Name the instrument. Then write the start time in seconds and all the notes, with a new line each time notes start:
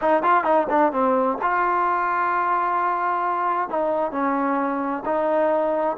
trombone
0.01 D#4
0.22 F4
0.44 D#4
0.69 D4
0.92 C4
1.42 F4
3.69 D#4
4.11 C#4
5.05 D#4